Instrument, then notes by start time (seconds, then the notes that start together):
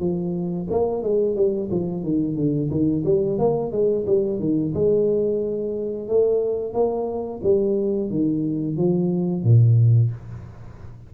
tuba
0.00 F3
0.71 A#3
1.03 G#3
1.36 G3
1.71 F3
2.03 D#3
2.36 D3
2.71 D#3
3.05 G3
3.39 A#3
3.72 G#3
4.07 G3
4.40 D#3
4.74 G#3
6.08 A3
6.74 A#3
7.43 G3
8.11 D#3
8.77 F3
9.44 A#2